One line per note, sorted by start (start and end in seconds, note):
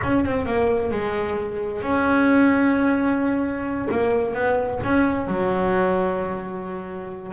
0.03 0.24 C#4
0.24 0.46 C4
0.46 0.91 A#3
0.91 1.82 G#3
1.82 3.88 C#4
3.91 4.34 A#3
4.34 4.79 B3
4.83 5.27 C#4
5.27 7.32 F#3